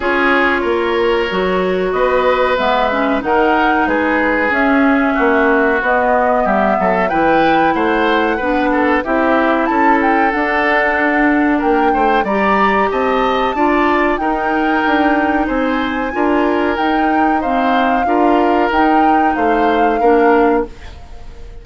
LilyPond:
<<
  \new Staff \with { instrumentName = "flute" } { \time 4/4 \tempo 4 = 93 cis''2. dis''4 | e''4 fis''4 b'4 e''4~ | e''4 dis''4 e''4 g''4 | fis''2 e''4 a''8 g''8 |
fis''2 g''4 ais''4 | a''2 g''2 | gis''2 g''4 f''4~ | f''4 g''4 f''2 | }
  \new Staff \with { instrumentName = "oboe" } { \time 4/4 gis'4 ais'2 b'4~ | b'4 ais'4 gis'2 | fis'2 g'8 a'8 b'4 | c''4 b'8 a'8 g'4 a'4~ |
a'2 ais'8 c''8 d''4 | dis''4 d''4 ais'2 | c''4 ais'2 c''4 | ais'2 c''4 ais'4 | }
  \new Staff \with { instrumentName = "clarinet" } { \time 4/4 f'2 fis'2 | b8 cis'8 dis'2 cis'4~ | cis'4 b2 e'4~ | e'4 d'4 e'2 |
d'2. g'4~ | g'4 f'4 dis'2~ | dis'4 f'4 dis'4 c'4 | f'4 dis'2 d'4 | }
  \new Staff \with { instrumentName = "bassoon" } { \time 4/4 cis'4 ais4 fis4 b4 | gis4 dis4 gis4 cis'4 | ais4 b4 g8 fis8 e4 | a4 b4 c'4 cis'4 |
d'2 ais8 a8 g4 | c'4 d'4 dis'4 d'4 | c'4 d'4 dis'2 | d'4 dis'4 a4 ais4 | }
>>